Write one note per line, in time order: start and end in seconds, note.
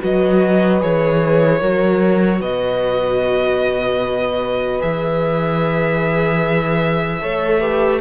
0.00 0.82 F#3
0.00 0.80 F#4
0.00 1.59 B4
0.00 0.82 D#5
0.80 1.61 E3
0.80 1.60 G#4
0.80 2.41 C#5
1.59 2.41 F#3
1.59 4.79 F#4
1.59 2.39 A#4
2.39 4.81 B2
2.39 7.19 B4
2.39 4.81 D#5
4.79 7.22 E3
4.79 7.19 G#4
4.79 8.01 E5
7.20 8.01 A3
7.20 7.60 A4
7.20 7.60 C#5
7.60 8.00 G4
7.60 8.00 B4